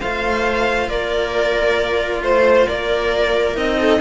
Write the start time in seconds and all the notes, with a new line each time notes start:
0.00 A3 F4 C5 F5
0.88 A#3 A#4 D5
2.22 A3 C5
2.67 A#3 A#4 D5
3.55 C4 D#4 D#5
3.79 A4